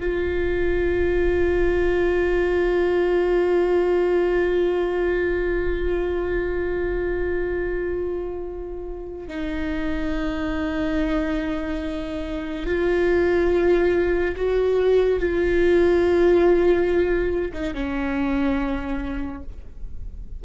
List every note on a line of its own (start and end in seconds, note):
0.00 9.28 F4
9.28 12.66 D#4
12.66 14.35 F4
14.36 15.20 F#4
15.20 17.52 F4
17.53 17.74 D#4
17.74 19.43 C#4